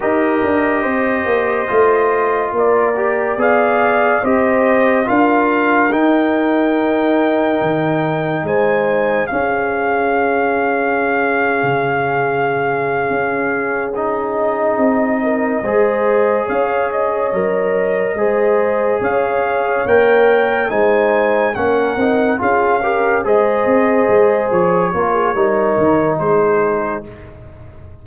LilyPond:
<<
  \new Staff \with { instrumentName = "trumpet" } { \time 4/4 \tempo 4 = 71 dis''2. d''4 | f''4 dis''4 f''4 g''4~ | g''2 gis''4 f''4~ | f''1~ |
f''8 dis''2. f''8 | dis''2~ dis''8 f''4 g''8~ | g''8 gis''4 fis''4 f''4 dis''8~ | dis''4 cis''2 c''4 | }
  \new Staff \with { instrumentName = "horn" } { \time 4/4 ais'4 c''2 ais'4 | d''4 c''4 ais'2~ | ais'2 c''4 gis'4~ | gis'1~ |
gis'2 ais'8 c''4 cis''8~ | cis''4. c''4 cis''4.~ | cis''8 c''4 ais'4 gis'8 ais'8 c''8~ | c''4. ais'16 gis'16 ais'4 gis'4 | }
  \new Staff \with { instrumentName = "trombone" } { \time 4/4 g'2 f'4. g'8 | gis'4 g'4 f'4 dis'4~ | dis'2. cis'4~ | cis'1~ |
cis'8 dis'2 gis'4.~ | gis'8 ais'4 gis'2 ais'8~ | ais'8 dis'4 cis'8 dis'8 f'8 g'8 gis'8~ | gis'4. f'8 dis'2 | }
  \new Staff \with { instrumentName = "tuba" } { \time 4/4 dis'8 d'8 c'8 ais8 a4 ais4 | b4 c'4 d'4 dis'4~ | dis'4 dis4 gis4 cis'4~ | cis'4.~ cis'16 cis4.~ cis16 cis'8~ |
cis'4. c'4 gis4 cis'8~ | cis'8 fis4 gis4 cis'4 ais8~ | ais8 gis4 ais8 c'8 cis'4 gis8 | c'8 gis8 f8 ais8 g8 dis8 gis4 | }
>>